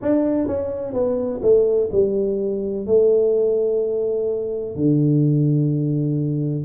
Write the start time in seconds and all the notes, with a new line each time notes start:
0.01 D4
0.47 C#4
0.93 B3
1.42 A3
1.92 G3
2.86 A3
4.75 D3